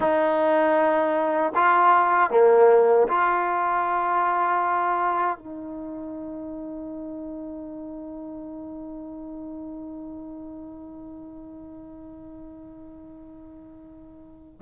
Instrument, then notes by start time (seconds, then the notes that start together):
trombone
0.00 D#4
1.55 F4
2.30 A#3
3.08 F4
5.37 D#4